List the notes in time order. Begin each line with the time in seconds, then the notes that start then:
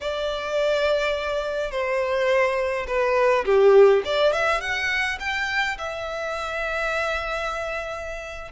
0.00 D5
1.71 C5
2.87 B4
3.45 G4
4.04 D5
4.32 E5
4.60 F#5
5.19 G5
5.77 E5